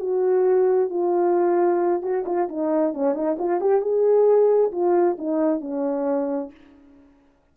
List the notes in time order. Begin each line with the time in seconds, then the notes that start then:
0.00 F#4
0.90 F4
2.02 F#4
2.26 F4
2.49 D#4
2.94 C#4
3.14 D#4
3.39 F4
3.61 G4
3.82 G#4
4.72 F4
5.18 D#4
5.61 C#4